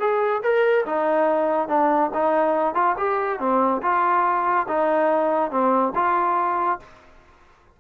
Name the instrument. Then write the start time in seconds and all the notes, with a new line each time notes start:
trombone
0.00 G#4
0.43 A#4
0.86 D#4
1.68 D4
2.14 D#4
2.75 F4
2.97 G4
3.39 C4
3.82 F4
4.68 D#4
5.51 C4
5.95 F4